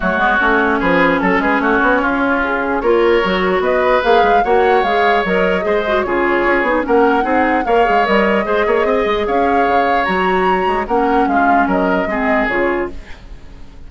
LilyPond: <<
  \new Staff \with { instrumentName = "flute" } { \time 4/4 \tempo 4 = 149 cis''2 b'4 a'8 b'8 | cis''2 gis'4 cis''4~ | cis''4 dis''4 f''4 fis''4 | f''4 dis''2 cis''4~ |
cis''4 fis''2 f''4 | dis''2. f''4~ | f''4 ais''2 fis''4 | f''4 dis''2 cis''4 | }
  \new Staff \with { instrumentName = "oboe" } { \time 4/4 fis'2 gis'4 a'8 gis'8 | fis'4 f'2 ais'4~ | ais'4 b'2 cis''4~ | cis''2 c''4 gis'4~ |
gis'4 ais'4 gis'4 cis''4~ | cis''4 c''8 cis''8 dis''4 cis''4~ | cis''2. ais'4 | f'4 ais'4 gis'2 | }
  \new Staff \with { instrumentName = "clarinet" } { \time 4/4 a8 b8 cis'2.~ | cis'2. f'4 | fis'2 gis'4 fis'4 | gis'4 ais'4 gis'8 fis'8 f'4~ |
f'8 dis'8 cis'4 dis'4 ais'8 gis'8 | ais'4 gis'2.~ | gis'4 fis'2 cis'4~ | cis'2 c'4 f'4 | }
  \new Staff \with { instrumentName = "bassoon" } { \time 4/4 fis8 gis8 a4 f4 fis8 gis8 | a8 b8 cis'2 ais4 | fis4 b4 ais8 gis8 ais4 | gis4 fis4 gis4 cis4 |
cis'8 b8 ais4 c'4 ais8 gis8 | g4 gis8 ais8 c'8 gis8 cis'4 | cis4 fis4. gis8 ais4 | gis4 fis4 gis4 cis4 | }
>>